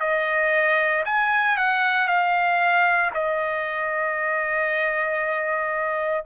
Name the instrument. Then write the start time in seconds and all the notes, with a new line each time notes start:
trumpet
0.00 D#5
1.05 G#5
1.57 F#5
2.07 F5
3.14 D#5